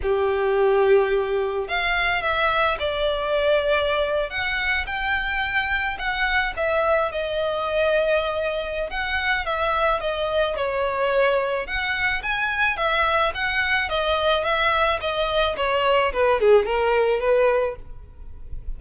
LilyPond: \new Staff \with { instrumentName = "violin" } { \time 4/4 \tempo 4 = 108 g'2. f''4 | e''4 d''2~ d''8. fis''16~ | fis''8. g''2 fis''4 e''16~ | e''8. dis''2.~ dis''16 |
fis''4 e''4 dis''4 cis''4~ | cis''4 fis''4 gis''4 e''4 | fis''4 dis''4 e''4 dis''4 | cis''4 b'8 gis'8 ais'4 b'4 | }